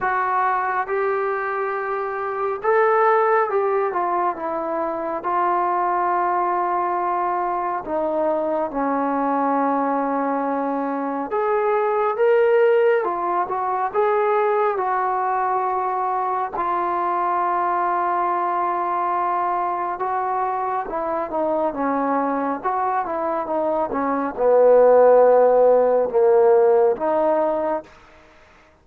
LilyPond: \new Staff \with { instrumentName = "trombone" } { \time 4/4 \tempo 4 = 69 fis'4 g'2 a'4 | g'8 f'8 e'4 f'2~ | f'4 dis'4 cis'2~ | cis'4 gis'4 ais'4 f'8 fis'8 |
gis'4 fis'2 f'4~ | f'2. fis'4 | e'8 dis'8 cis'4 fis'8 e'8 dis'8 cis'8 | b2 ais4 dis'4 | }